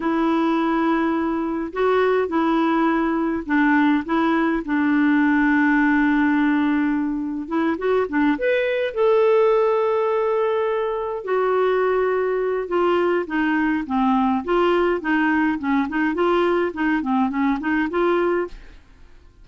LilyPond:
\new Staff \with { instrumentName = "clarinet" } { \time 4/4 \tempo 4 = 104 e'2. fis'4 | e'2 d'4 e'4 | d'1~ | d'4 e'8 fis'8 d'8 b'4 a'8~ |
a'2.~ a'8 fis'8~ | fis'2 f'4 dis'4 | c'4 f'4 dis'4 cis'8 dis'8 | f'4 dis'8 c'8 cis'8 dis'8 f'4 | }